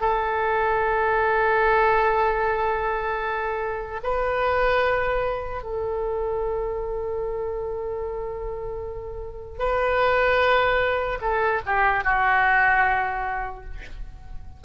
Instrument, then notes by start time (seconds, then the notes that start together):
oboe
0.00 A4
4.03 B4
5.63 A4
9.59 B4
11.21 A4
11.66 G4
12.04 F#4